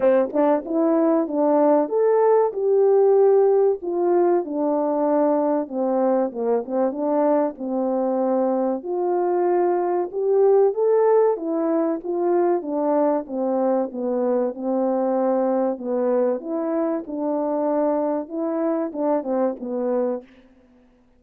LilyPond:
\new Staff \with { instrumentName = "horn" } { \time 4/4 \tempo 4 = 95 c'8 d'8 e'4 d'4 a'4 | g'2 f'4 d'4~ | d'4 c'4 ais8 c'8 d'4 | c'2 f'2 |
g'4 a'4 e'4 f'4 | d'4 c'4 b4 c'4~ | c'4 b4 e'4 d'4~ | d'4 e'4 d'8 c'8 b4 | }